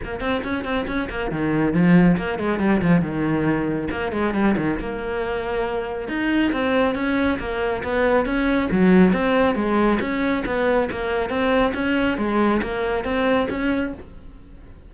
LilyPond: \new Staff \with { instrumentName = "cello" } { \time 4/4 \tempo 4 = 138 ais8 c'8 cis'8 c'8 cis'8 ais8 dis4 | f4 ais8 gis8 g8 f8 dis4~ | dis4 ais8 gis8 g8 dis8 ais4~ | ais2 dis'4 c'4 |
cis'4 ais4 b4 cis'4 | fis4 c'4 gis4 cis'4 | b4 ais4 c'4 cis'4 | gis4 ais4 c'4 cis'4 | }